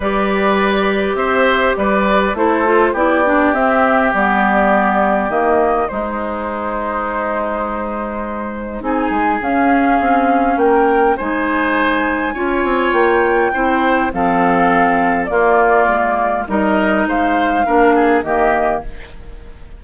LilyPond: <<
  \new Staff \with { instrumentName = "flute" } { \time 4/4 \tempo 4 = 102 d''2 e''4 d''4 | c''4 d''4 e''4 d''4~ | d''4 dis''4 c''2~ | c''2. gis''4 |
f''2 g''4 gis''4~ | gis''2 g''2 | f''2 d''2 | dis''4 f''2 dis''4 | }
  \new Staff \with { instrumentName = "oboe" } { \time 4/4 b'2 c''4 b'4 | a'4 g'2.~ | g'2 dis'2~ | dis'2. gis'4~ |
gis'2 ais'4 c''4~ | c''4 cis''2 c''4 | a'2 f'2 | ais'4 c''4 ais'8 gis'8 g'4 | }
  \new Staff \with { instrumentName = "clarinet" } { \time 4/4 g'1 | e'8 f'8 e'8 d'8 c'4 b4~ | b4 ais4 gis2~ | gis2. dis'4 |
cis'2. dis'4~ | dis'4 f'2 e'4 | c'2 ais2 | dis'2 d'4 ais4 | }
  \new Staff \with { instrumentName = "bassoon" } { \time 4/4 g2 c'4 g4 | a4 b4 c'4 g4~ | g4 dis4 gis2~ | gis2. c'8 gis8 |
cis'4 c'4 ais4 gis4~ | gis4 cis'8 c'8 ais4 c'4 | f2 ais4 gis4 | g4 gis4 ais4 dis4 | }
>>